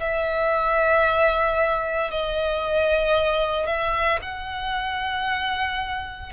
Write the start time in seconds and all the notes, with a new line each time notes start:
0.00 E5
2.11 D#5
3.67 E5
4.22 F#5